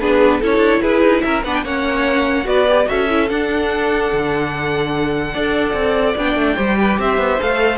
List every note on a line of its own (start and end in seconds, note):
0.00 0.42 B3
0.00 0.41 D4
0.00 0.40 G#4
0.00 0.41 B4
0.40 0.57 C#4
0.40 1.44 E4
0.40 0.81 A4
0.40 0.82 C#5
0.57 0.78 D4
0.82 1.02 E4
0.82 1.23 G#4
0.82 1.22 B4
1.02 1.22 D#4
1.22 1.44 C#4
1.22 1.45 A#4
1.22 1.42 E5
1.44 1.64 B3
1.44 1.65 D4
1.44 1.64 B4
1.44 1.54 F#5
1.54 1.64 G5
1.64 2.45 A#3
1.64 2.44 C#4
1.64 2.47 C#5
1.64 2.47 F#5
2.44 2.87 B3
2.44 2.65 F#4
2.44 2.89 B4
2.44 2.88 D5
2.68 2.86 G4
2.86 3.30 C#4
2.86 3.07 F#4
2.86 5.33 A4
2.86 3.29 E5
3.09 3.29 E4
3.29 5.34 D4
3.29 4.12 D4
3.29 6.17 F#5
4.12 5.34 D3
5.33 5.73 D4
5.33 6.17 A4
5.33 6.56 D5
5.73 6.14 C4
6.17 6.35 B3
6.17 6.57 D4
6.17 6.99 G5
6.35 6.56 A3
6.56 6.99 G3
6.56 7.39 G4
6.56 6.77 C5
6.79 7.00 B4
6.99 7.17 C4
6.99 7.78 C5
6.99 7.41 E5
7.17 7.38 B3
7.39 7.78 A3
7.39 7.78 A4
7.39 7.78 F5